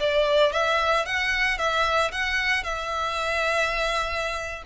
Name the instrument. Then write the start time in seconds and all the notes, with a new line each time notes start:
violin
0.00 D5
0.53 E5
1.06 F#5
1.59 E5
2.12 F#5
2.64 E5